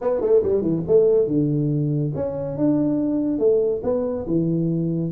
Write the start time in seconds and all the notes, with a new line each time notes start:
0.01 B3
0.21 A3
0.43 G3
0.61 E3
0.87 A3
1.27 D3
2.15 C#4
2.57 D4
3.38 A3
3.83 B3
4.26 E3